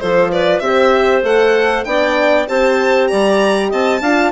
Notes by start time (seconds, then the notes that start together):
0.00 F3 F4 A4 C5
0.32 B4 D5
0.60 C4 G4 C5 E5
1.23 A3 A4 F#5
1.84 B3 D4 D5 G5
2.48 C4 G4 C5 A5
3.07 G3 D5 A#5
3.69 C4 D#5 A5
4.01 D4 F4 F5